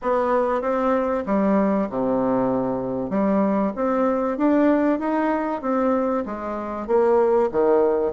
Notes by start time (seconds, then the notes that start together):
0.02 B3
0.61 C4
1.26 G3
1.89 C3
3.10 G3
3.75 C4
4.38 D4
4.99 D#4
5.61 C4
6.25 G#3
6.87 A#3
7.51 D#3